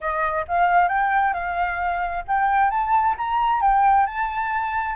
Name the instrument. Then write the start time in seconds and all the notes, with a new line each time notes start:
flute
0.00 D#5
0.48 F5
0.88 G5
1.33 F5
2.27 G5
2.70 A5
3.17 A#5
3.61 G5
4.06 A5